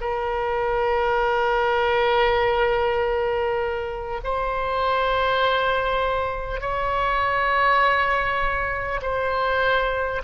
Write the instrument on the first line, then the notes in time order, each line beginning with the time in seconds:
oboe
0.00 A#4
4.23 C5
6.61 C#5
9.02 C5